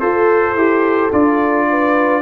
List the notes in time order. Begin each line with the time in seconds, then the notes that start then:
0.00 F4 A4 C5
0.55 E4 G4
1.12 D4 F4 D5
1.69 B4